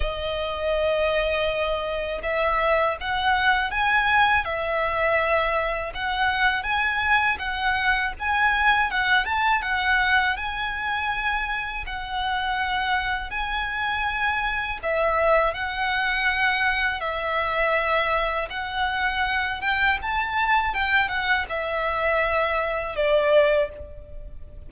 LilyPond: \new Staff \with { instrumentName = "violin" } { \time 4/4 \tempo 4 = 81 dis''2. e''4 | fis''4 gis''4 e''2 | fis''4 gis''4 fis''4 gis''4 | fis''8 a''8 fis''4 gis''2 |
fis''2 gis''2 | e''4 fis''2 e''4~ | e''4 fis''4. g''8 a''4 | g''8 fis''8 e''2 d''4 | }